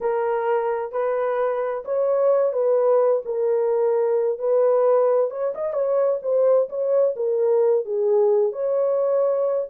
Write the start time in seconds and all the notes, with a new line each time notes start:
0.00 A#4
0.91 B4
1.84 C#5
2.53 B4
3.25 A#4
4.38 B4
5.30 C#5
5.54 D#5
5.73 C#5
6.22 C5
6.69 C#5
7.16 A#4
7.85 G#4
8.52 C#5